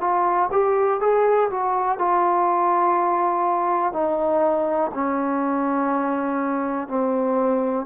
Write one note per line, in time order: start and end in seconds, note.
0.00 0.49 F4
0.51 1.00 G4
1.00 1.49 G#4
1.50 1.98 F#4
1.98 3.93 F4
3.93 4.91 D#4
4.94 6.88 C#4
6.88 7.86 C4